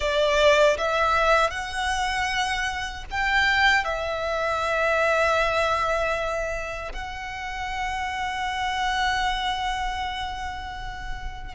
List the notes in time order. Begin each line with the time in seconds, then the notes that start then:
0.00 D5
0.77 E5
1.50 F#5
3.10 G5
3.84 E5
6.92 F#5